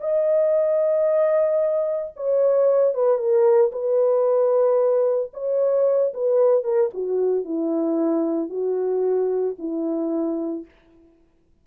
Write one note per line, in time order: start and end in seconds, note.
0.00 2.12 D#5
2.16 2.94 C#5
2.94 3.18 B4
3.18 3.71 A#4
3.71 5.31 B4
5.33 6.13 C#5
6.14 6.64 B4
6.64 6.90 A#4
6.94 7.45 F#4
7.45 8.49 E4
8.49 9.55 F#4
9.59 10.65 E4